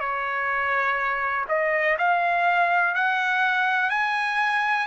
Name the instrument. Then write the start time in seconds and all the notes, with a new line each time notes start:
trumpet
0.00 C#5
1.49 D#5
1.98 F5
2.95 F#5
3.90 G#5